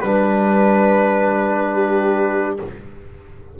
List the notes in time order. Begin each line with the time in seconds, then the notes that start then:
0.00 G3 D4 B4
1.72 G4